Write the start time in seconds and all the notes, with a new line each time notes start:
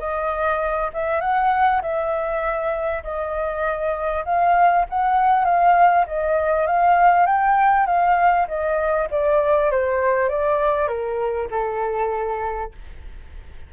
0.00 D#5
0.94 E5
1.21 F#5
1.82 E5
3.04 D#5
4.26 F5
4.90 F#5
5.45 F5
6.07 D#5
6.67 F5
7.27 G5
7.87 F5
8.48 D#5
9.11 D5
9.71 C5
10.29 D5
10.88 A#4
11.51 A4